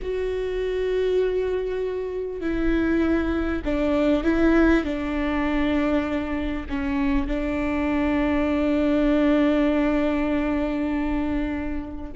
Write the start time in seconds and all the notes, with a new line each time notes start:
0.02 F#4
2.40 E4
3.64 D4
4.23 E4
4.84 D4
6.69 C#4
7.27 D4